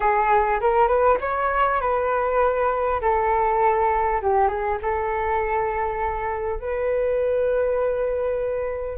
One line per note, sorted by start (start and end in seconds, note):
0.00 0.59 G#4
0.60 0.87 A#4
0.87 1.17 B4
1.21 1.80 C#5
1.80 3.00 B4
3.01 4.21 A4
4.21 4.48 G4
4.48 4.78 G#4
4.82 6.59 A4
6.59 8.98 B4